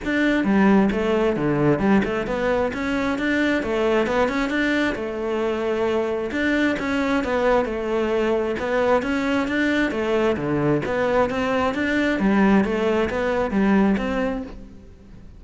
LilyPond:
\new Staff \with { instrumentName = "cello" } { \time 4/4 \tempo 4 = 133 d'4 g4 a4 d4 | g8 a8 b4 cis'4 d'4 | a4 b8 cis'8 d'4 a4~ | a2 d'4 cis'4 |
b4 a2 b4 | cis'4 d'4 a4 d4 | b4 c'4 d'4 g4 | a4 b4 g4 c'4 | }